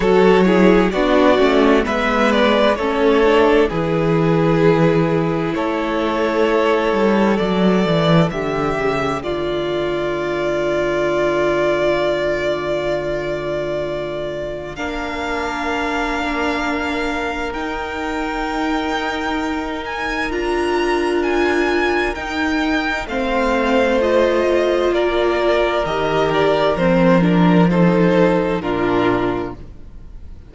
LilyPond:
<<
  \new Staff \with { instrumentName = "violin" } { \time 4/4 \tempo 4 = 65 cis''4 d''4 e''8 d''8 cis''4 | b'2 cis''2 | d''4 e''4 d''2~ | d''1 |
f''2. g''4~ | g''4. gis''8 ais''4 gis''4 | g''4 f''4 dis''4 d''4 | dis''8 d''8 c''8 ais'8 c''4 ais'4 | }
  \new Staff \with { instrumentName = "violin" } { \time 4/4 a'8 gis'8 fis'4 b'4 a'4 | gis'2 a'2~ | a'4 g'4 f'2~ | f'1 |
ais'1~ | ais'1~ | ais'4 c''2 ais'4~ | ais'2 a'4 f'4 | }
  \new Staff \with { instrumentName = "viola" } { \time 4/4 fis'8 e'8 d'8 cis'8 b4 cis'8 d'8 | e'1 | a1~ | a1 |
d'2. dis'4~ | dis'2 f'2 | dis'4 c'4 f'2 | g'4 c'8 d'8 dis'4 d'4 | }
  \new Staff \with { instrumentName = "cello" } { \time 4/4 fis4 b8 a8 gis4 a4 | e2 a4. g8 | fis8 e8 d8 cis8 d2~ | d1 |
ais2. dis'4~ | dis'2 d'2 | dis'4 a2 ais4 | dis4 f2 ais,4 | }
>>